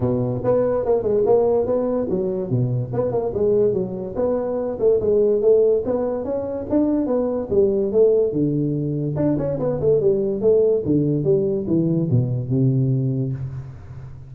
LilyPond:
\new Staff \with { instrumentName = "tuba" } { \time 4/4 \tempo 4 = 144 b,4 b4 ais8 gis8 ais4 | b4 fis4 b,4 b8 ais8 | gis4 fis4 b4. a8 | gis4 a4 b4 cis'4 |
d'4 b4 g4 a4 | d2 d'8 cis'8 b8 a8 | g4 a4 d4 g4 | e4 b,4 c2 | }